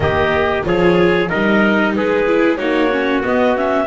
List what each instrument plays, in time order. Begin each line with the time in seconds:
0.00 double bass D#3, viola A#3, trumpet G4, clarinet D#5
0.64 double bass F3, viola F4, trumpet G#4, clarinet C#5
1.29 double bass G3, viola D#4, trumpet A#4, clarinet D#5
1.95 double bass G#3, trumpet G#4, clarinet B4
2.26 viola E4
2.56 double bass A#3, viola D#4, trumpet F#4, clarinet C#5
2.91 viola C#4
3.23 viola B3, double bass B3, clarinet D#5
3.56 viola C#4, clarinet E5